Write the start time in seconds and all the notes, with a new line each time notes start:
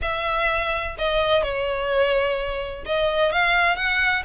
0.01 E5
0.98 D#5
1.42 C#5
2.85 D#5
3.32 F5
3.76 F#5